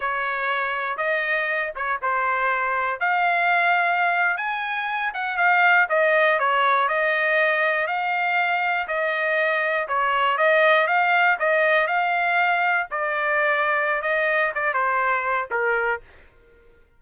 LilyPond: \new Staff \with { instrumentName = "trumpet" } { \time 4/4 \tempo 4 = 120 cis''2 dis''4. cis''8 | c''2 f''2~ | f''8. gis''4. fis''8 f''4 dis''16~ | dis''8. cis''4 dis''2 f''16~ |
f''4.~ f''16 dis''2 cis''16~ | cis''8. dis''4 f''4 dis''4 f''16~ | f''4.~ f''16 d''2~ d''16 | dis''4 d''8 c''4. ais'4 | }